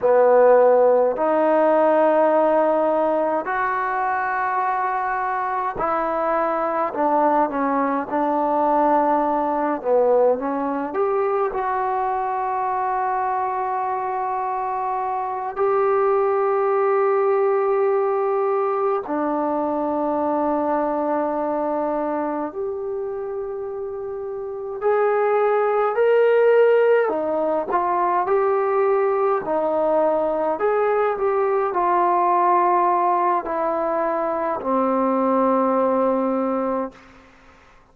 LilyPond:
\new Staff \with { instrumentName = "trombone" } { \time 4/4 \tempo 4 = 52 b4 dis'2 fis'4~ | fis'4 e'4 d'8 cis'8 d'4~ | d'8 b8 cis'8 g'8 fis'2~ | fis'4. g'2~ g'8~ |
g'8 d'2. g'8~ | g'4. gis'4 ais'4 dis'8 | f'8 g'4 dis'4 gis'8 g'8 f'8~ | f'4 e'4 c'2 | }